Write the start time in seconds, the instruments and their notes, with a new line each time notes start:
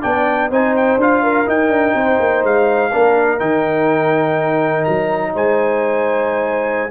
0.00 tuba B3, trombone D4, horn D5, trumpet G5
0.50 tuba C4, trombone D#4, horn C5, trumpet G#5
0.76 trumpet G5
0.96 tuba D4, trombone F4, trumpet F5
1.23 horn A#4
1.45 trombone D#4, tuba D#4, trumpet G5
1.69 tuba D4
1.94 tuba C4, horn C5
2.19 tuba A#3
2.43 tuba G#3, trumpet F5
2.92 tuba A#3, trombone D4, horn A#4
3.39 tuba D#3, trombone D#4, trumpet G5
4.84 tuba F#3, trumpet A#5
5.33 tuba G#3, horn C5, trumpet G#5